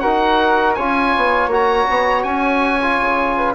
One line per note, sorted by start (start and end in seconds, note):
0.00 0.79 D#4
0.00 0.77 F#4
0.00 0.77 A#4
0.00 0.74 F#5
0.75 1.16 C#4
0.75 1.51 F4
0.75 3.36 C#5
0.75 1.49 G#5
1.17 1.47 B3
1.47 1.84 A#3
1.47 2.81 F#4
1.54 2.23 A#5
1.90 2.24 B3
2.23 2.98 C#4
2.23 3.53 G#5
2.82 3.55 F4
3.00 3.55 C#3
3.37 3.55 B4